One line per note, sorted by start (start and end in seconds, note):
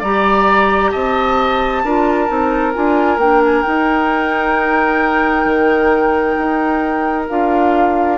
0.00 0.93 G3
0.00 1.87 G4
0.00 0.91 D5
0.00 0.91 A#5
0.91 1.84 C4
0.91 1.83 D#5
0.91 2.73 A5
1.84 2.29 D4
1.84 2.27 F4
1.84 8.19 A#4
2.27 2.75 C4
2.27 2.73 D#4
2.73 3.18 D4
2.73 3.19 F4
2.73 3.19 G#5
3.18 3.63 A#3
3.18 3.65 D4
3.18 3.42 G5
3.45 3.62 G#5
3.62 7.29 D#4
3.62 5.45 D#4
3.62 7.25 G5
5.45 6.36 D#3
6.38 7.29 D#4
7.29 8.19 D4
7.29 8.19 F4
7.29 8.19 F5